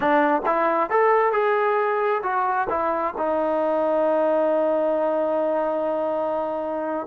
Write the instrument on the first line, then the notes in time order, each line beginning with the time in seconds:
trombone
0.00 D4
0.46 E4
0.90 A4
1.32 G#4
2.22 F#4
2.69 E4
3.17 D#4